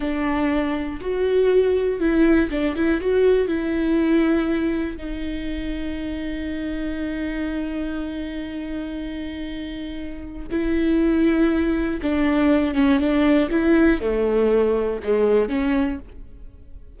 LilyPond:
\new Staff \with { instrumentName = "viola" } { \time 4/4 \tempo 4 = 120 d'2 fis'2 | e'4 d'8 e'8 fis'4 e'4~ | e'2 dis'2~ | dis'1~ |
dis'1~ | dis'4 e'2. | d'4. cis'8 d'4 e'4 | a2 gis4 cis'4 | }